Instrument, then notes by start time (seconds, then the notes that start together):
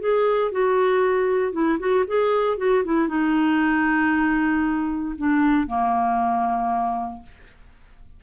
clarinet
0.00 G#4
0.51 F#4
1.52 E4
1.79 F#4
2.07 G#4
2.57 F#4
2.84 E4
3.08 D#4
5.18 D4
5.67 A#3